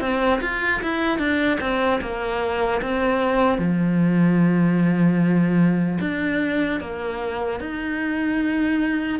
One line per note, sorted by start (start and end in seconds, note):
0.00 0.40 C4
0.41 0.81 F4
0.82 1.18 E4
1.18 1.58 D4
1.60 2.00 C4
2.01 2.81 A#3
2.81 3.58 C4
3.58 5.98 F3
6.00 6.80 D4
6.80 7.60 A#3
7.60 9.19 D#4